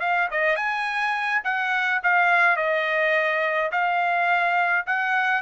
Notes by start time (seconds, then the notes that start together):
0.00 F5
0.31 D#5
0.56 G#5
1.44 F#5
2.03 F5
2.56 D#5
3.71 F5
4.86 F#5